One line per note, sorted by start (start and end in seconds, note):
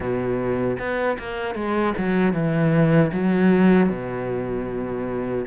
0.00 0.77 B2
0.78 1.17 B3
1.19 1.54 A#3
1.54 1.93 G#3
1.97 2.33 F#3
2.33 3.11 E3
3.12 3.89 F#3
3.89 5.45 B2